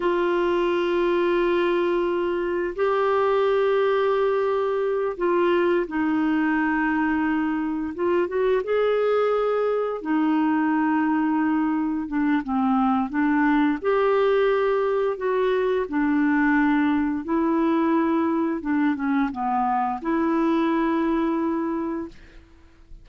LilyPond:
\new Staff \with { instrumentName = "clarinet" } { \time 4/4 \tempo 4 = 87 f'1 | g'2.~ g'8 f'8~ | f'8 dis'2. f'8 | fis'8 gis'2 dis'4.~ |
dis'4. d'8 c'4 d'4 | g'2 fis'4 d'4~ | d'4 e'2 d'8 cis'8 | b4 e'2. | }